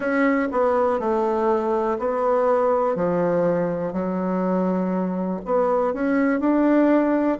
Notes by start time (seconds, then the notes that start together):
0.00 C#4
0.51 B3
0.99 A3
1.99 B3
2.95 F3
3.93 F#3
5.45 B3
5.93 C#4
6.39 D4